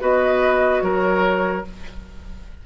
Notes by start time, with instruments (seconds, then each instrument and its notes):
0.00 bassoon B3, clarinet F#4, oboe B4, flute D#5
0.81 bassoon F#3, oboe A#4, flute C#5